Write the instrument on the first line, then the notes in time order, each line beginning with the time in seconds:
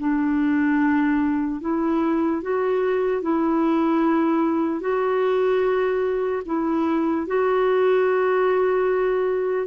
clarinet
0.00 D4
1.61 E4
2.43 F#4
3.22 E4
4.81 F#4
6.46 E4
7.28 F#4